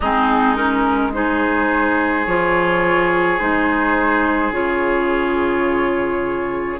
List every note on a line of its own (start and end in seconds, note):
0.00 2.26 G#3
0.00 0.55 C4
0.00 1.11 D#4
0.00 0.55 G#4
0.55 1.12 C#4
0.55 1.12 A#4
1.12 2.26 D#4
1.12 6.79 G#4
1.12 2.25 C5
2.25 3.39 F3
2.25 3.39 F4
2.25 3.39 C#5
3.39 4.50 G#3
3.39 4.52 D#4
3.39 4.52 C5
4.50 6.77 C#3
4.50 6.78 F4
4.50 6.79 C#5